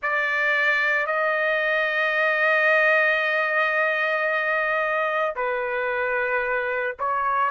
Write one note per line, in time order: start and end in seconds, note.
0.02 1.06 D5
1.06 5.34 D#5
5.35 6.96 B4
6.99 7.50 C#5